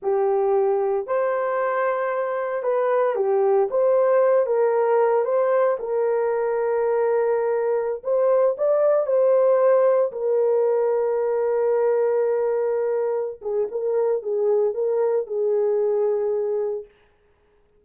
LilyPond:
\new Staff \with { instrumentName = "horn" } { \time 4/4 \tempo 4 = 114 g'2 c''2~ | c''4 b'4 g'4 c''4~ | c''8 ais'4. c''4 ais'4~ | ais'2.~ ais'16 c''8.~ |
c''16 d''4 c''2 ais'8.~ | ais'1~ | ais'4. gis'8 ais'4 gis'4 | ais'4 gis'2. | }